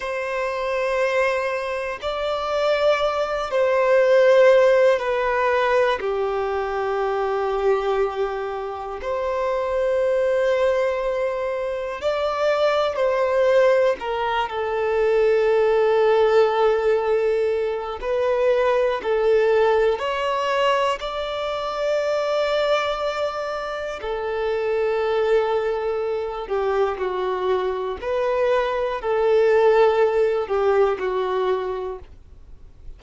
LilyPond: \new Staff \with { instrumentName = "violin" } { \time 4/4 \tempo 4 = 60 c''2 d''4. c''8~ | c''4 b'4 g'2~ | g'4 c''2. | d''4 c''4 ais'8 a'4.~ |
a'2 b'4 a'4 | cis''4 d''2. | a'2~ a'8 g'8 fis'4 | b'4 a'4. g'8 fis'4 | }